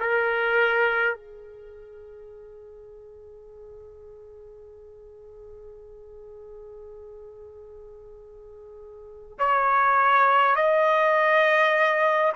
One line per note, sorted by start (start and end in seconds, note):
0.00 1.15 A#4
1.15 9.39 G#4
9.39 10.56 C#5
10.56 12.33 D#5